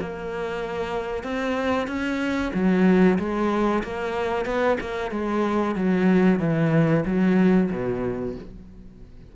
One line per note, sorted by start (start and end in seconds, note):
0.00 1.23 A#3
1.23 1.87 C4
1.87 2.52 C#4
2.53 3.18 F#3
3.18 3.83 G#3
3.83 4.45 A#3
4.45 4.77 B3
4.81 5.11 A#3
5.11 5.75 G#3
5.75 6.39 F#3
6.39 7.04 E3
7.06 7.70 F#3
7.71 8.35 B2